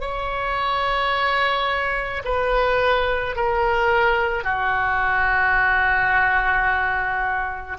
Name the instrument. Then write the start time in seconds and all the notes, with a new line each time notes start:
oboe
0.00 C#5
2.24 B4
3.35 A#4
4.43 F#4